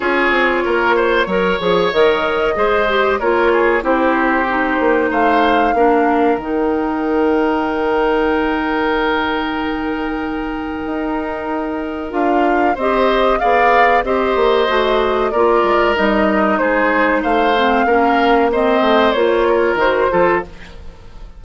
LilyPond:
<<
  \new Staff \with { instrumentName = "flute" } { \time 4/4 \tempo 4 = 94 cis''2. dis''4~ | dis''4 cis''4 c''2 | f''2 g''2~ | g''1~ |
g''2. f''4 | dis''4 f''4 dis''2 | d''4 dis''4 c''4 f''4~ | f''4 dis''4 cis''4 c''4 | }
  \new Staff \with { instrumentName = "oboe" } { \time 4/4 gis'4 ais'8 c''8 cis''2 | c''4 ais'8 gis'8 g'2 | c''4 ais'2.~ | ais'1~ |
ais'1 | c''4 d''4 c''2 | ais'2 gis'4 c''4 | ais'4 c''4. ais'4 a'8 | }
  \new Staff \with { instrumentName = "clarinet" } { \time 4/4 f'2 ais'8 gis'8 ais'4 | gis'8 g'8 f'4 e'4 dis'4~ | dis'4 d'4 dis'2~ | dis'1~ |
dis'2. f'4 | g'4 gis'4 g'4 fis'4 | f'4 dis'2~ dis'8 c'8 | cis'4 c'4 f'4 fis'8 f'8 | }
  \new Staff \with { instrumentName = "bassoon" } { \time 4/4 cis'8 c'8 ais4 fis8 f8 dis4 | gis4 ais4 c'4. ais8 | a4 ais4 dis2~ | dis1~ |
dis4 dis'2 d'4 | c'4 b4 c'8 ais8 a4 | ais8 gis8 g4 gis4 a4 | ais4. a8 ais4 dis8 f8 | }
>>